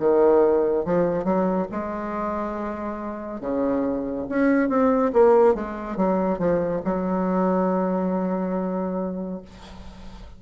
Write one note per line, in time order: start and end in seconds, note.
0.00 0.85 D#3
0.85 1.24 F3
1.24 1.67 F#3
1.72 3.41 G#3
3.41 4.26 C#3
4.29 4.69 C#4
4.69 5.12 C4
5.13 5.55 A#3
5.55 5.97 G#3
5.97 6.39 F#3
6.39 6.81 F3
6.85 9.42 F#3